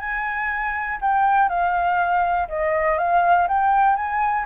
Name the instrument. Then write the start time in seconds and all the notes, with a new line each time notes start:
flute
0.00 G#5
1.01 G5
1.49 F5
2.49 D#5
2.98 F5
3.48 G5
3.96 G#5